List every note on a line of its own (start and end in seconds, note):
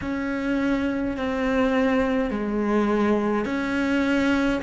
0.01 1.16 C#4
1.16 2.30 C4
2.30 3.45 G#3
3.45 4.60 C#4